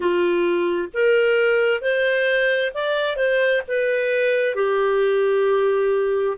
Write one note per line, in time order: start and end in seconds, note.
0.00 0.88 F4
0.93 1.81 A#4
1.81 2.71 C5
2.74 3.16 D5
3.16 3.61 C5
3.67 4.55 B4
4.55 6.37 G4